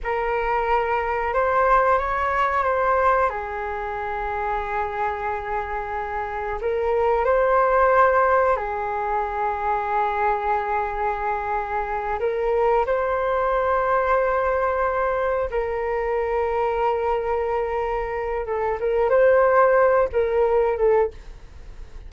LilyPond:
\new Staff \with { instrumentName = "flute" } { \time 4/4 \tempo 4 = 91 ais'2 c''4 cis''4 | c''4 gis'2.~ | gis'2 ais'4 c''4~ | c''4 gis'2.~ |
gis'2~ gis'8 ais'4 c''8~ | c''2.~ c''8 ais'8~ | ais'1 | a'8 ais'8 c''4. ais'4 a'8 | }